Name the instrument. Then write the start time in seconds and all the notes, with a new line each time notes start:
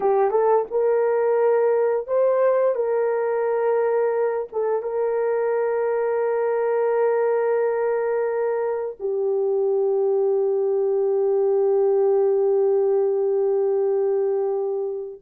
horn
0.00 G4
0.30 A4
0.70 A#4
2.07 C5
2.75 A#4
4.52 A4
4.82 A#4
8.99 G4